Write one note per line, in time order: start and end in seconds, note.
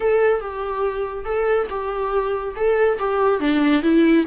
0.00 0.40 A4
0.40 1.24 G4
1.24 1.67 A4
1.69 2.54 G4
2.56 2.98 A4
2.98 3.39 G4
3.39 3.82 D4
3.82 4.25 E4